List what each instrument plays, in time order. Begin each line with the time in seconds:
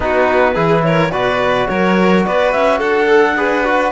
0.00 cello B3, trombone D#4, violin F#4, clarinet B4
0.54 cello E3, trombone E4, violin G#4
0.84 violin A#4, clarinet C#5
1.11 cello B2, trombone F#4, violin B4, clarinet D5
1.68 cello F#3, violin A#4, clarinet C#5
2.25 cello B3, violin B4, clarinet D5
2.52 cello C#4, clarinet E5
2.78 cello D4, violin A4, clarinet F#5
3.07 trombone A4
3.37 trombone G#4, violin B4
3.64 trombone F#4